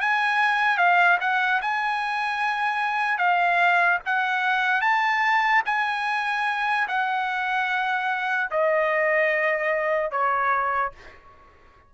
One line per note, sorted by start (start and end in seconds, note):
0.00 0.77 G#5
0.77 1.18 F5
1.20 1.61 F#5
1.61 3.18 G#5
3.18 3.99 F5
4.05 4.81 F#5
4.81 5.62 A5
5.66 6.87 G#5
6.88 8.50 F#5
8.51 10.11 D#5
10.11 10.92 C#5